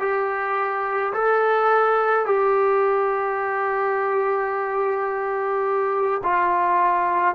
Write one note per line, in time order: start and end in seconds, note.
0.00 1.13 G4
1.14 2.26 A4
2.26 6.22 G4
6.24 7.35 F4